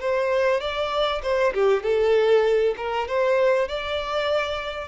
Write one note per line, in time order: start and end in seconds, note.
0.00 0.60 C5
0.60 1.22 D5
1.22 1.53 C5
1.54 1.83 G4
1.83 2.75 A4
2.77 3.08 A#4
3.08 3.68 C5
3.68 4.88 D5